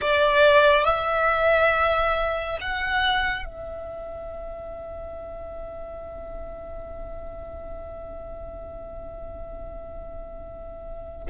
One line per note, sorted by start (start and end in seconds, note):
0.01 0.84 D5
0.84 2.58 E5
2.60 3.45 F#5
3.45 11.27 E5